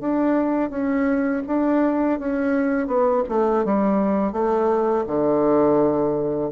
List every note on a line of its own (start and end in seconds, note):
0.00 0.70 D4
0.70 1.42 C#4
1.47 2.19 D4
2.19 2.87 C#4
2.87 3.23 B3
3.29 3.65 A3
3.65 4.32 G3
4.32 5.05 A3
5.07 6.51 D3